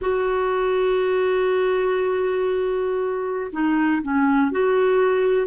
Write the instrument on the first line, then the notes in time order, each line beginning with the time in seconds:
clarinet
0.01 F#4
3.52 D#4
4.02 C#4
4.51 F#4